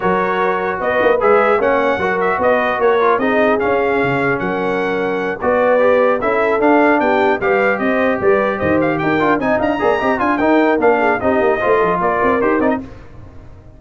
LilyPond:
<<
  \new Staff \with { instrumentName = "trumpet" } { \time 4/4 \tempo 4 = 150 cis''2 dis''4 e''4 | fis''4. e''8 dis''4 cis''4 | dis''4 f''2 fis''4~ | fis''4. d''2 e''8~ |
e''8 f''4 g''4 f''4 dis''8~ | dis''8 d''4 dis''8 f''8 g''4 gis''8 | ais''4. gis''8 g''4 f''4 | dis''2 d''4 c''8 d''16 dis''16 | }
  \new Staff \with { instrumentName = "horn" } { \time 4/4 ais'2 b'2 | cis''4 ais'4 b'4 ais'4 | gis'2. ais'4~ | ais'4. b'2 a'8~ |
a'4. g'4 b'4 c''8~ | c''8 b'4 c''4 ais'4 dis''8 | f''8 d''8 dis''8 f''8 ais'4. gis'8 | g'4 c''8 a'8 ais'2 | }
  \new Staff \with { instrumentName = "trombone" } { \time 4/4 fis'2. gis'4 | cis'4 fis'2~ fis'8 f'8 | dis'4 cis'2.~ | cis'4. fis'4 g'4 e'8~ |
e'8 d'2 g'4.~ | g'2. f'8 dis'8~ | dis'8 gis'8 g'8 f'8 dis'4 d'4 | dis'4 f'2 g'8 dis'8 | }
  \new Staff \with { instrumentName = "tuba" } { \time 4/4 fis2 b8 ais8 gis4 | ais4 fis4 b4 ais4 | c'4 cis'4 cis4 fis4~ | fis4. b2 cis'8~ |
cis'8 d'4 b4 g4 c'8~ | c'8 g4 dis4 dis'8 d'8 c'8 | d'8 ais8 c'8 d'8 dis'4 ais4 | c'8 ais8 a8 f8 ais8 c'8 dis'8 c'8 | }
>>